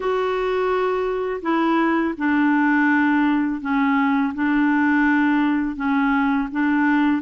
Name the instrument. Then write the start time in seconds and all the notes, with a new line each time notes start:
clarinet
0.00 F#4
1.42 E4
2.17 D4
3.61 C#4
4.34 D4
5.76 C#4
6.51 D4